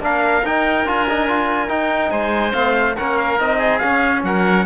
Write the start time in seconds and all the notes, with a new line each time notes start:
0.00 A#3 D4 A#4 F5
0.43 D#4 G5
0.84 D4 F4 G#5
1.09 D#4
1.29 F4
1.68 D#4 G5
2.11 G#3 C5 G#5
2.52 A3 C4 F5
2.97 A#3 C#4 A#4 F#5
3.18 F5
3.39 C4 D#4 D#5
3.58 G#4
3.78 C#4 F5
4.23 F#3 A#4 F#5